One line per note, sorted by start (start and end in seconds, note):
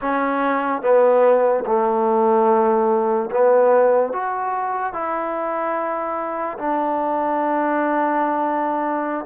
0.01 0.82 C#4
0.82 1.64 B3
1.65 3.30 A3
3.31 4.12 B3
4.12 4.93 F#4
4.93 6.58 E4
6.58 9.25 D4